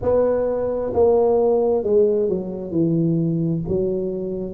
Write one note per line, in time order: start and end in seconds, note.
0.02 0.93 B3
0.93 1.83 A#3
1.83 2.28 G#3
2.28 2.71 F#3
2.71 3.62 E3
3.68 4.54 F#3